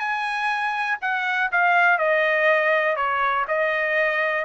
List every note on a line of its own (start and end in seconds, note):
0.00 0.98 G#5
1.02 1.51 F#5
1.52 1.99 F5
1.99 2.97 D#5
2.97 3.46 C#5
3.48 4.46 D#5